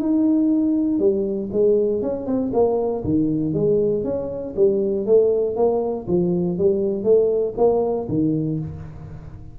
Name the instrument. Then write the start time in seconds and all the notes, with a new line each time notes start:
tuba
0.00 D#4
1.00 G3
1.52 G#3
2.03 C#4
2.27 C4
2.53 A#3
3.05 D#3
3.54 G#3
4.05 C#4
4.57 G3
5.06 A3
5.56 A#3
6.08 F3
6.58 G3
7.04 A3
7.57 A#3
8.09 D#3